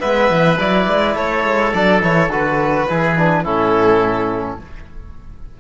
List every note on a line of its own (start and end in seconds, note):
0.00 0.30 G#3
0.00 0.57 B3
0.00 1.15 B4
0.00 0.58 E5
0.30 0.59 E3
0.59 0.87 F#3
0.59 1.73 E4
0.59 1.16 D5
0.87 1.15 G#3
1.15 1.44 A3
1.15 2.86 A4
1.15 1.73 C#5
1.44 1.73 G#3
1.73 2.03 F#3
1.73 2.01 D4
1.73 2.02 D5
2.01 2.29 E3
2.01 2.30 E4
2.01 2.31 C#5
2.29 2.86 D3
2.29 2.88 F#4
2.29 3.44 B4
2.89 3.46 E3
2.89 3.17 E4
2.89 3.44 G#4
3.17 3.45 D4
3.44 4.60 A2
3.44 4.59 C#4
3.44 4.58 E4
3.44 4.59 A4